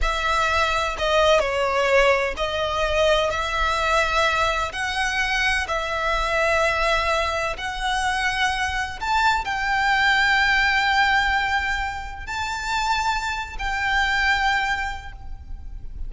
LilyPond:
\new Staff \with { instrumentName = "violin" } { \time 4/4 \tempo 4 = 127 e''2 dis''4 cis''4~ | cis''4 dis''2 e''4~ | e''2 fis''2 | e''1 |
fis''2. a''4 | g''1~ | g''2 a''2~ | a''8. g''2.~ g''16 | }